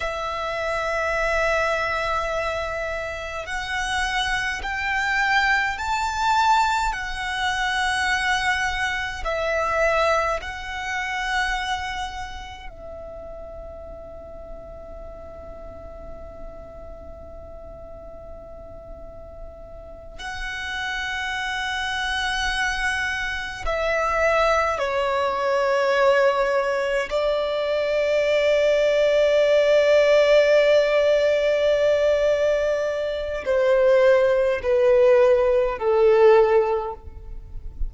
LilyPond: \new Staff \with { instrumentName = "violin" } { \time 4/4 \tempo 4 = 52 e''2. fis''4 | g''4 a''4 fis''2 | e''4 fis''2 e''4~ | e''1~ |
e''4. fis''2~ fis''8~ | fis''8 e''4 cis''2 d''8~ | d''1~ | d''4 c''4 b'4 a'4 | }